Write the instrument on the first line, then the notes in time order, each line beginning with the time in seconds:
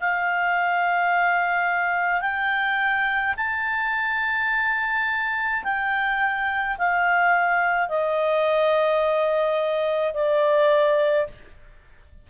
clarinet
0.00 F5
2.21 G5
3.37 A5
5.63 G5
6.78 F5
7.89 D#5
10.14 D5